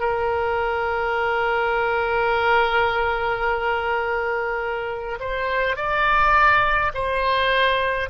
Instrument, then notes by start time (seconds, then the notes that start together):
oboe
0.00 A#4
5.20 C5
5.76 D5
6.94 C5